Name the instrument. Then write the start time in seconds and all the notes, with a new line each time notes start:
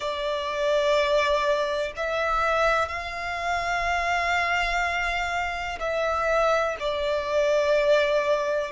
violin
0.00 D5
1.96 E5
2.88 F5
5.79 E5
6.79 D5